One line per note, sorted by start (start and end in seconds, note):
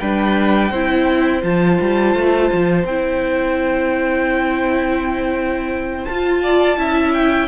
0.00 0.71 G3
0.00 0.73 D4
0.00 0.72 B4
0.00 1.43 G5
0.71 1.43 C4
0.71 1.42 E4
0.71 6.43 C5
1.42 1.79 F3
1.42 2.85 F4
1.42 2.86 A5
1.81 2.15 G3
2.15 2.51 A3
2.53 2.85 F3
2.85 6.06 C4
2.85 6.11 E4
2.85 6.06 G5
6.06 6.78 F4
6.06 6.77 F4
6.06 7.13 A5
6.43 6.79 D5
6.77 7.49 C#4
6.77 7.49 E4
6.77 7.49 E5
7.14 7.49 G5